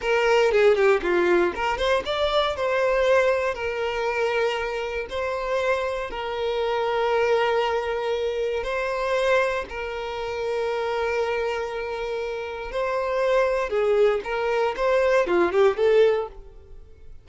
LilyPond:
\new Staff \with { instrumentName = "violin" } { \time 4/4 \tempo 4 = 118 ais'4 gis'8 g'8 f'4 ais'8 c''8 | d''4 c''2 ais'4~ | ais'2 c''2 | ais'1~ |
ais'4 c''2 ais'4~ | ais'1~ | ais'4 c''2 gis'4 | ais'4 c''4 f'8 g'8 a'4 | }